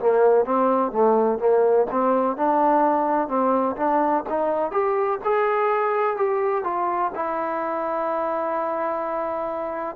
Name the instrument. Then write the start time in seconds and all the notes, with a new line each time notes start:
trombone
0.00 A#3
0.45 C4
0.92 A3
1.39 A#3
1.91 C4
2.37 D4
3.28 C4
3.77 D4
4.29 D#4
4.72 G4
5.24 G#4
6.17 G4
6.64 F4
7.15 E4